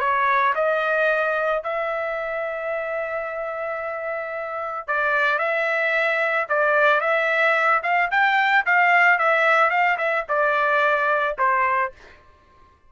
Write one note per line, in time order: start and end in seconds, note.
0.00 0.54 C#5
0.55 1.63 D#5
1.64 4.87 E5
4.87 5.39 D5
5.39 6.47 E5
6.49 7.01 D5
7.01 7.82 E5
7.83 8.10 F5
8.11 8.65 G5
8.66 9.18 F5
9.18 9.70 E5
9.70 9.97 F5
9.98 10.25 E5
10.29 11.37 D5
11.38 11.92 C5